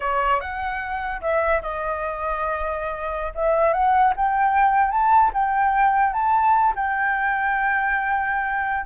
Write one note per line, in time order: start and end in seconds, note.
0.00 0.40 C#5
0.40 1.20 F#5
1.21 1.61 E5
1.61 3.33 D#5
3.34 3.73 E5
3.73 4.13 F#5
4.16 4.91 G5
4.91 5.31 A5
5.33 6.13 G5
6.13 6.73 A5
6.75 8.86 G5